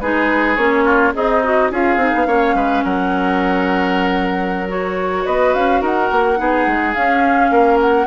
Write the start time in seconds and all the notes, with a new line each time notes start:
0.00 G#3 D#4 G#4 B4
0.56 A#3 C#4 C#5
0.84 F4
1.13 C4 D#4 G#4 D#5
1.44 F#4
1.71 C#4 F4 G#4 F5
1.96 C4 D#4
2.15 B3
2.26 A#3 C#4 C#5
2.54 G#3 B4
2.84 F#3 A#4 F#5
4.68 F#4 C#5
5.25 B3 B4 D#5
5.54 C#4 F5
5.81 D#4 A#4 F#5
6.11 A#3
6.36 B3 D#4 G#4
6.66 G#3
6.93 C#4 F5
7.50 A#3 A#4
7.81 F#5